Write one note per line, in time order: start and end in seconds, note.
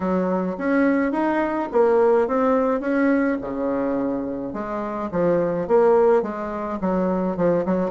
0.00 0.56 F#3
0.58 1.12 C#4
1.12 1.68 D#4
1.72 2.27 A#3
2.27 2.80 C4
2.80 3.37 C#4
3.41 4.53 C#3
4.53 5.09 G#3
5.11 5.67 F3
5.67 6.22 A#3
6.22 6.79 G#3
6.81 7.37 F#3
7.37 7.65 F3
7.65 7.90 F#3